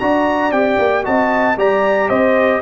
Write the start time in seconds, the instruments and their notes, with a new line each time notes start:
0.00 tuba D4, trombone F#4, horn D5, trumpet A#5
0.52 tuba C4, trombone G4, trumpet G5
0.79 tuba A#3
1.03 tuba C4, trombone F#4, horn D#5, trumpet A5
1.57 tuba G3, trombone G4, horn D5, trumpet A#5
2.09 tuba C4, horn C5, trumpet D#5